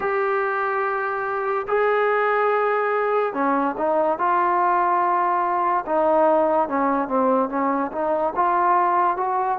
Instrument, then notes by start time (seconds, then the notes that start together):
trombone
0.00 G4
1.67 G#4
3.33 C#4
3.77 D#4
4.18 F4
5.85 D#4
6.68 C#4
7.08 C4
7.49 C#4
7.92 D#4
8.35 F4
9.17 F#4